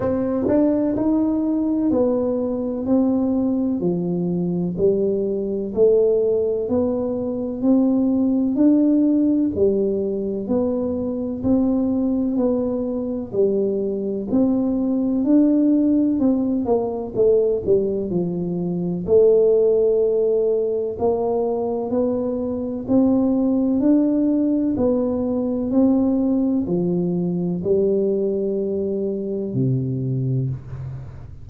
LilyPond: \new Staff \with { instrumentName = "tuba" } { \time 4/4 \tempo 4 = 63 c'8 d'8 dis'4 b4 c'4 | f4 g4 a4 b4 | c'4 d'4 g4 b4 | c'4 b4 g4 c'4 |
d'4 c'8 ais8 a8 g8 f4 | a2 ais4 b4 | c'4 d'4 b4 c'4 | f4 g2 c4 | }